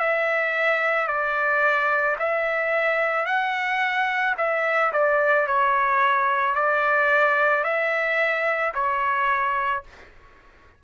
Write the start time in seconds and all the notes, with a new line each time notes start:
0.00 E5
1.08 D5
2.19 E5
3.26 F#5
4.38 E5
4.93 D5
5.47 C#5
6.56 D5
7.65 E5
8.75 C#5